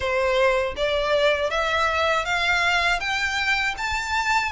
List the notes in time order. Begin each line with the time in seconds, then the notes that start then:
0.00 C5
0.76 D5
1.50 E5
2.25 F5
3.00 G5
3.77 A5